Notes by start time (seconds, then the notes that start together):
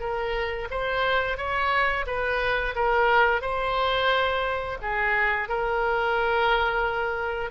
0.00 A#4
0.71 C5
1.38 C#5
2.07 B4
2.76 A#4
3.42 C5
4.82 G#4
5.49 A#4